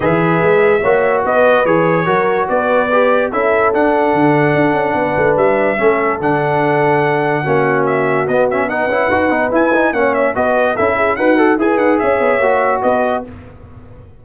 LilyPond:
<<
  \new Staff \with { instrumentName = "trumpet" } { \time 4/4 \tempo 4 = 145 e''2. dis''4 | cis''2 d''2 | e''4 fis''2.~ | fis''4 e''2 fis''4~ |
fis''2. e''4 | dis''8 e''8 fis''2 gis''4 | fis''8 e''8 dis''4 e''4 fis''4 | gis''8 fis''8 e''2 dis''4 | }
  \new Staff \with { instrumentName = "horn" } { \time 4/4 b'2 cis''4 b'4~ | b'4 ais'4 b'2 | a'1 | b'2 a'2~ |
a'2 fis'2~ | fis'4 b'2. | cis''4 b'4 a'8 gis'8 fis'4 | b'4 cis''2 b'4 | }
  \new Staff \with { instrumentName = "trombone" } { \time 4/4 gis'2 fis'2 | gis'4 fis'2 g'4 | e'4 d'2.~ | d'2 cis'4 d'4~ |
d'2 cis'2 | b8 cis'8 dis'8 e'8 fis'8 dis'8 e'8 dis'8 | cis'4 fis'4 e'4 b'8 a'8 | gis'2 fis'2 | }
  \new Staff \with { instrumentName = "tuba" } { \time 4/4 e4 gis4 ais4 b4 | e4 fis4 b2 | cis'4 d'4 d4 d'8 cis'8 | b8 a8 g4 a4 d4~ |
d2 ais2 | b4. cis'8 dis'8 b8 e'4 | ais4 b4 cis'4 dis'4 | e'8 dis'8 cis'8 b8 ais4 b4 | }
>>